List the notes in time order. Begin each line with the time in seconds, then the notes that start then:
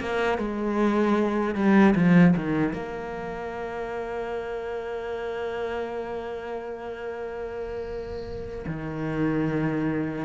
0.00 A#3
0.38 G#3
1.55 G3
1.95 F3
2.36 D#3
2.73 A#3
8.67 D#3